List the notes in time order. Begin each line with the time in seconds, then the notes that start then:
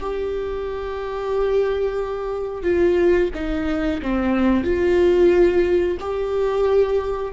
0.00 G4
2.63 F4
3.35 D#4
4.02 C4
4.64 F4
6.00 G4